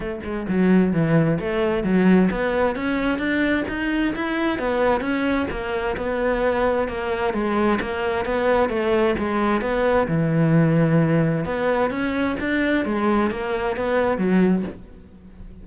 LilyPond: \new Staff \with { instrumentName = "cello" } { \time 4/4 \tempo 4 = 131 a8 gis8 fis4 e4 a4 | fis4 b4 cis'4 d'4 | dis'4 e'4 b4 cis'4 | ais4 b2 ais4 |
gis4 ais4 b4 a4 | gis4 b4 e2~ | e4 b4 cis'4 d'4 | gis4 ais4 b4 fis4 | }